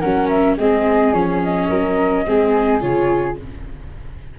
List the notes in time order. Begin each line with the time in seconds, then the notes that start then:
0.00 F#3 C#4 A#4 F#5
0.29 E5
0.58 G#3 C4 G#4 D#5
1.13 F3 C#4 C#5
1.43 D#5
1.69 F#3 A#4
2.26 G#3 C4 G#4
2.80 C#3 F4 C#5